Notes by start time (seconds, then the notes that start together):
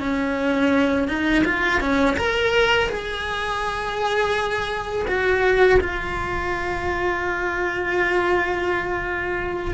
0.00 C#4
1.08 D#4
1.44 F4
1.80 C#4
2.17 A#4
2.89 G#4
5.07 F#4
5.80 F4